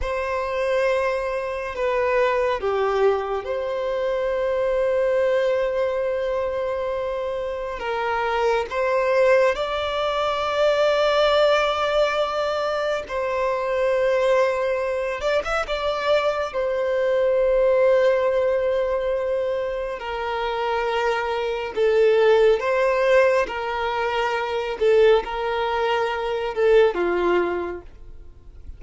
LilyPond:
\new Staff \with { instrumentName = "violin" } { \time 4/4 \tempo 4 = 69 c''2 b'4 g'4 | c''1~ | c''4 ais'4 c''4 d''4~ | d''2. c''4~ |
c''4. d''16 e''16 d''4 c''4~ | c''2. ais'4~ | ais'4 a'4 c''4 ais'4~ | ais'8 a'8 ais'4. a'8 f'4 | }